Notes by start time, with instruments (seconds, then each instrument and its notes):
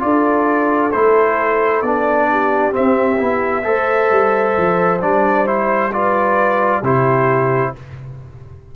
0.00 tuba D4, trombone F4, horn A4, trumpet D5
0.92 tuba A3, trombone E4, trumpet C5
1.82 tuba B3, trombone D4, trumpet D5
2.31 horn G4
2.72 trombone C4, tuba C4, trumpet E5
3.18 tuba B3, trombone E4
3.64 tuba A3, trombone A4, horn C5
4.11 tuba G3
4.58 tuba F3
5.02 tuba G3, trombone D4, trumpet D5
5.47 trombone E4, trumpet C5
5.93 trombone F4, horn B4, trumpet D5
6.81 tuba C3, trombone E4, horn G4, trumpet C5